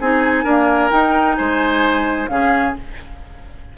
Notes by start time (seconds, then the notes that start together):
0.00 C4 D#4 G#4 G#5
0.43 A#3 D4 A#4
0.90 D#4 G5
1.35 G#3 C5 G#5
2.27 C#3 C#4 G#4 F5